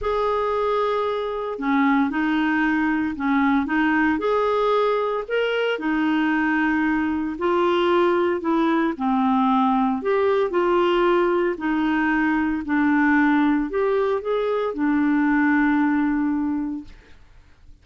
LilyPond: \new Staff \with { instrumentName = "clarinet" } { \time 4/4 \tempo 4 = 114 gis'2. cis'4 | dis'2 cis'4 dis'4 | gis'2 ais'4 dis'4~ | dis'2 f'2 |
e'4 c'2 g'4 | f'2 dis'2 | d'2 g'4 gis'4 | d'1 | }